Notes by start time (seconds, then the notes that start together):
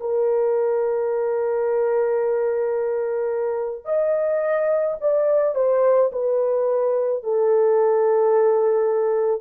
0.00 A#4
3.85 D#5
5.01 D5
5.55 C5
6.12 B4
7.23 A4